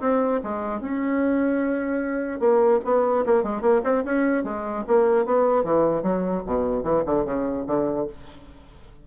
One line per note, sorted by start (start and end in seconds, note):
0.00 0.40 C4
0.43 0.80 G#3
0.80 2.39 C#4
2.39 2.80 A#3
2.84 3.25 B3
3.26 3.43 A#3
3.43 3.61 G#3
3.61 3.81 A#3
3.83 4.04 C4
4.04 4.43 C#4
4.43 4.84 G#3
4.87 5.25 A#3
5.25 5.64 B3
5.64 6.02 E3
6.02 6.43 F#3
6.46 6.83 B2
6.83 7.03 E3
7.06 7.25 D3
7.25 7.65 C#3
7.67 8.07 D3